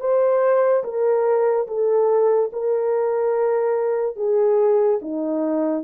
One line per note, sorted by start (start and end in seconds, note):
0.00 0.83 C5
0.84 1.67 A#4
1.67 2.50 A4
2.52 4.16 A#4
4.16 4.99 G#4
5.02 5.83 D#4